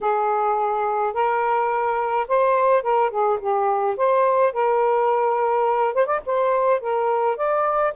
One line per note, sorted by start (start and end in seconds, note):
0.01 1.13 G#4
1.13 2.26 A#4
2.28 2.83 C5
2.83 3.10 A#4
3.10 3.38 G#4
3.40 3.96 G4
3.96 4.53 C5
4.53 5.94 A#4
5.94 6.06 C5
6.06 6.20 D5
6.25 6.80 C5
6.80 7.36 A#4
7.36 7.93 D5